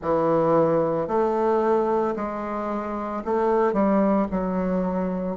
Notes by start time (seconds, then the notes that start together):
0.01 E3
1.07 A3
2.16 G#3
3.24 A3
3.73 G3
4.31 F#3